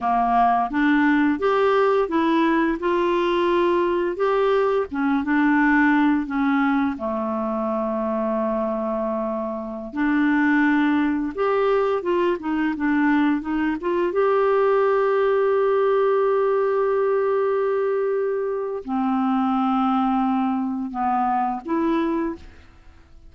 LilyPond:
\new Staff \with { instrumentName = "clarinet" } { \time 4/4 \tempo 4 = 86 ais4 d'4 g'4 e'4 | f'2 g'4 cis'8 d'8~ | d'4 cis'4 a2~ | a2~ a16 d'4.~ d'16~ |
d'16 g'4 f'8 dis'8 d'4 dis'8 f'16~ | f'16 g'2.~ g'8.~ | g'2. c'4~ | c'2 b4 e'4 | }